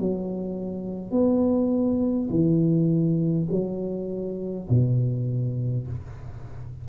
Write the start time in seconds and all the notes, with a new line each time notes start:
0.00 F#3
1.12 B3
2.30 E3
3.52 F#3
4.70 B2